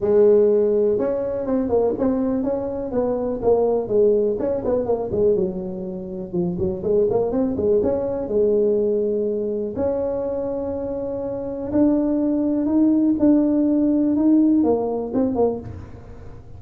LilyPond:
\new Staff \with { instrumentName = "tuba" } { \time 4/4 \tempo 4 = 123 gis2 cis'4 c'8 ais8 | c'4 cis'4 b4 ais4 | gis4 cis'8 b8 ais8 gis8 fis4~ | fis4 f8 fis8 gis8 ais8 c'8 gis8 |
cis'4 gis2. | cis'1 | d'2 dis'4 d'4~ | d'4 dis'4 ais4 c'8 ais8 | }